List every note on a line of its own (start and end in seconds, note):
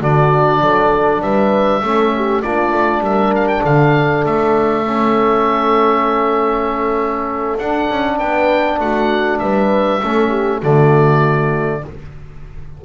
0.00 0.60 D3
0.00 1.82 D4
0.00 0.61 F#4
0.00 1.22 D5
0.60 1.21 F#3
0.60 1.22 A4
1.21 1.82 G3
1.21 1.82 B4
1.21 2.42 E5
1.82 2.43 A3
1.82 2.43 C#4
1.82 2.13 A4
2.15 2.42 G4
2.42 2.72 A#3
2.42 4.85 D4
2.42 3.02 F4
2.42 3.03 D5
2.72 2.99 A3
2.99 3.60 G3
2.99 3.63 A#4
2.99 3.34 E5
3.35 3.47 F5
3.47 3.62 G5
3.63 4.25 D3
3.63 8.17 A4
3.63 4.25 F5
4.25 7.58 A3
4.25 7.58 E5
4.85 7.58 C#4
7.58 7.88 D4
7.58 10.01 D4
7.58 8.18 F#5
7.89 8.19 C#4
8.18 8.79 B3
8.18 8.79 B4
8.18 8.79 G5
8.79 9.40 A3
8.79 9.41 F#4
8.79 9.38 F#5
9.38 10.01 G3
9.38 10.01 B4
9.38 10.59 E5
10.01 10.62 A3
10.01 10.61 C#4
10.01 10.28 A4
10.28 10.59 G4
10.59 11.84 D3
10.59 11.82 A3
10.59 11.80 F#4
10.59 11.84 D5